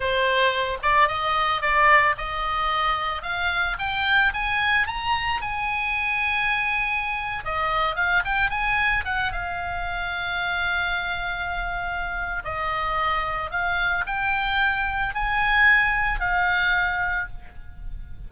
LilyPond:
\new Staff \with { instrumentName = "oboe" } { \time 4/4 \tempo 4 = 111 c''4. d''8 dis''4 d''4 | dis''2 f''4 g''4 | gis''4 ais''4 gis''2~ | gis''4.~ gis''16 dis''4 f''8 g''8 gis''16~ |
gis''8. fis''8 f''2~ f''8.~ | f''2. dis''4~ | dis''4 f''4 g''2 | gis''2 f''2 | }